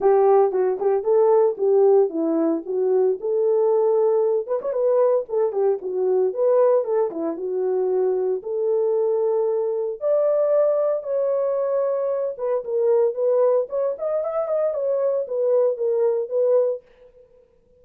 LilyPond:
\new Staff \with { instrumentName = "horn" } { \time 4/4 \tempo 4 = 114 g'4 fis'8 g'8 a'4 g'4 | e'4 fis'4 a'2~ | a'8 b'16 cis''16 b'4 a'8 g'8 fis'4 | b'4 a'8 e'8 fis'2 |
a'2. d''4~ | d''4 cis''2~ cis''8 b'8 | ais'4 b'4 cis''8 dis''8 e''8 dis''8 | cis''4 b'4 ais'4 b'4 | }